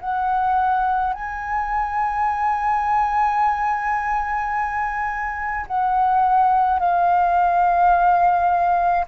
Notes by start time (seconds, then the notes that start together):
0.00 F#5
1.13 G#5
5.67 F#5
6.79 F5